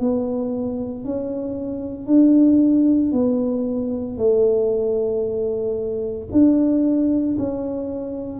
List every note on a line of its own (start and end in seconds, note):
0.00 1.05 B3
1.05 2.07 C#4
2.07 3.12 D4
3.12 4.17 B3
4.17 6.28 A3
6.32 7.37 D4
7.38 8.40 C#4